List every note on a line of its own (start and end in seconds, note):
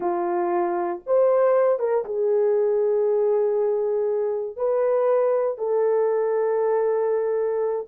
0.00 1.01 F4
1.06 1.79 C5
1.79 2.04 A#4
2.04 4.56 G#4
4.56 5.57 B4
5.58 7.87 A4